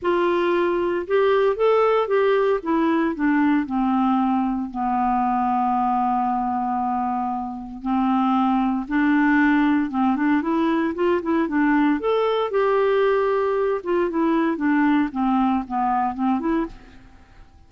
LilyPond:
\new Staff \with { instrumentName = "clarinet" } { \time 4/4 \tempo 4 = 115 f'2 g'4 a'4 | g'4 e'4 d'4 c'4~ | c'4 b2.~ | b2. c'4~ |
c'4 d'2 c'8 d'8 | e'4 f'8 e'8 d'4 a'4 | g'2~ g'8 f'8 e'4 | d'4 c'4 b4 c'8 e'8 | }